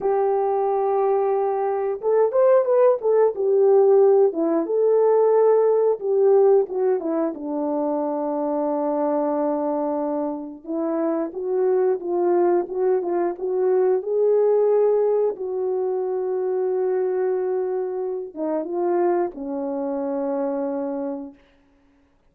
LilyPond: \new Staff \with { instrumentName = "horn" } { \time 4/4 \tempo 4 = 90 g'2. a'8 c''8 | b'8 a'8 g'4. e'8 a'4~ | a'4 g'4 fis'8 e'8 d'4~ | d'1 |
e'4 fis'4 f'4 fis'8 f'8 | fis'4 gis'2 fis'4~ | fis'2.~ fis'8 dis'8 | f'4 cis'2. | }